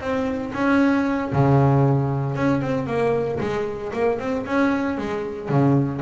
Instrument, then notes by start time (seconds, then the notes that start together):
double bass
0.00 C4
0.53 C#4
1.32 C#3
2.35 C#4
2.61 C4
2.86 A#3
3.40 G#3
3.93 A#3
4.19 C4
4.45 C#4
4.97 G#3
5.49 C#3